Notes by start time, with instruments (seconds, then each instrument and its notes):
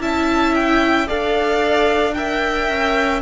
0.00 cello C#4, viola E4, violin E5 A5
0.54 violin G5
1.07 cello D4, viola A4, violin D5 F5
2.14 viola A#4, violin E5 G5
2.69 cello C#4